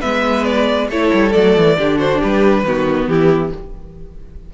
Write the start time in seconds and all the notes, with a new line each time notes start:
0.00 G#3 B3 B4 E5
0.45 D5
0.89 A3 E4 A4 C#5
1.13 G3
1.31 F#3 A3 D5
1.57 E3
1.78 D3 D4 G4
1.98 F#4 C5
2.19 G3 G4 B4
2.64 D#3 B3 F#4
3.07 E3 E4 G4